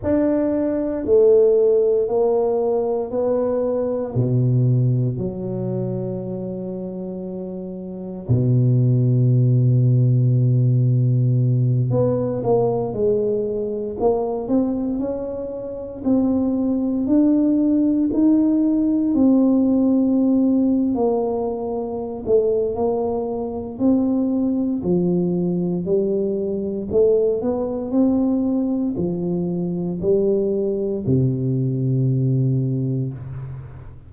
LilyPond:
\new Staff \with { instrumentName = "tuba" } { \time 4/4 \tempo 4 = 58 d'4 a4 ais4 b4 | b,4 fis2. | b,2.~ b,8 b8 | ais8 gis4 ais8 c'8 cis'4 c'8~ |
c'8 d'4 dis'4 c'4.~ | c'16 ais4~ ais16 a8 ais4 c'4 | f4 g4 a8 b8 c'4 | f4 g4 c2 | }